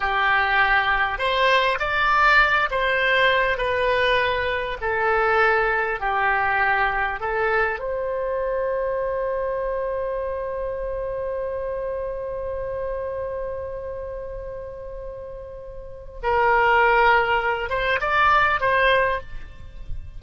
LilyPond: \new Staff \with { instrumentName = "oboe" } { \time 4/4 \tempo 4 = 100 g'2 c''4 d''4~ | d''8 c''4. b'2 | a'2 g'2 | a'4 c''2.~ |
c''1~ | c''1~ | c''2. ais'4~ | ais'4. c''8 d''4 c''4 | }